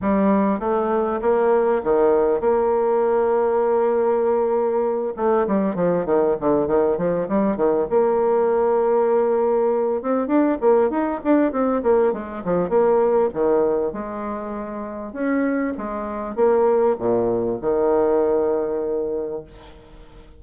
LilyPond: \new Staff \with { instrumentName = "bassoon" } { \time 4/4 \tempo 4 = 99 g4 a4 ais4 dis4 | ais1~ | ais8 a8 g8 f8 dis8 d8 dis8 f8 | g8 dis8 ais2.~ |
ais8 c'8 d'8 ais8 dis'8 d'8 c'8 ais8 | gis8 f8 ais4 dis4 gis4~ | gis4 cis'4 gis4 ais4 | ais,4 dis2. | }